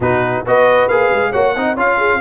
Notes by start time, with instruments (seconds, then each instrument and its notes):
0.00 tuba B2, trombone D#4, horn F#4, trumpet B4
0.46 tuba B3, trombone F#4, horn B4, trumpet D#5
0.88 tuba A#3, trombone G#4, trumpet F5
1.10 tuba G#3
1.31 tuba A#3, trombone F#4, horn C#5, trumpet F#5
1.55 tuba C4, trombone D#4, horn D#5
1.74 tuba C#4, trombone F4, horn C#5, trumpet F5
1.97 horn G#4